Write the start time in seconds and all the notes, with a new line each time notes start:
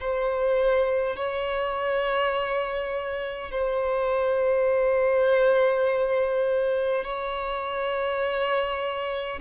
0.00 C5
1.16 C#5
3.51 C5
7.04 C#5